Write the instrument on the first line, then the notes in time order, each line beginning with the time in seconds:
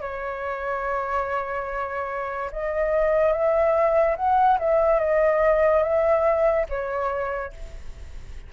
flute
0.00 C#5
2.52 D#5
3.32 E5
4.16 F#5
4.58 E5
4.99 D#5
5.83 E5
6.69 C#5